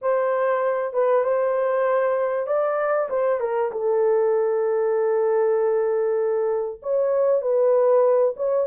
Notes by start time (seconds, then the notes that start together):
0.01 C5
0.93 B4
1.24 C5
2.46 D5
3.09 C5
3.40 A#4
3.71 A4
6.82 C#5
7.41 B4
8.36 C#5